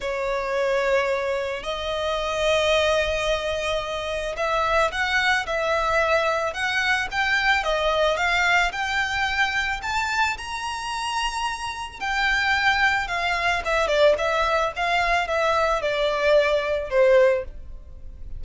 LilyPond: \new Staff \with { instrumentName = "violin" } { \time 4/4 \tempo 4 = 110 cis''2. dis''4~ | dis''1 | e''4 fis''4 e''2 | fis''4 g''4 dis''4 f''4 |
g''2 a''4 ais''4~ | ais''2 g''2 | f''4 e''8 d''8 e''4 f''4 | e''4 d''2 c''4 | }